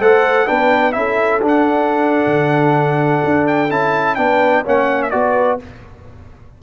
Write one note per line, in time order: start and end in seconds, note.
0.00 0.48 A3
0.00 0.46 A4
0.00 0.47 C5
0.00 0.48 F#5
0.46 0.96 B3
0.46 0.92 D4
0.46 0.94 B4
0.46 0.92 G5
0.92 1.41 C#4
0.92 1.40 E4
0.92 4.19 A4
0.92 1.40 E5
1.41 2.25 D4
1.41 3.69 D4
1.48 3.47 F#5
2.26 3.22 D3
3.24 3.71 D4
3.47 3.71 G5
3.70 4.17 C#4
3.70 4.17 E4
3.70 4.15 A5
4.15 4.65 B3
4.15 4.65 D4
4.15 4.63 G5
4.21 4.64 B4
4.64 5.13 A#3
4.64 5.12 C#4
4.64 5.12 C#5
4.64 5.03 F#5
5.03 5.11 E5
5.11 5.61 B3
5.11 5.59 F#4
5.11 5.62 B4
5.11 5.58 D5